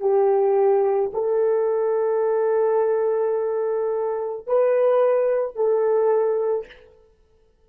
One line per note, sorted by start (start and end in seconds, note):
0.00 1.11 G4
1.14 4.47 A4
4.47 5.56 B4
5.56 6.67 A4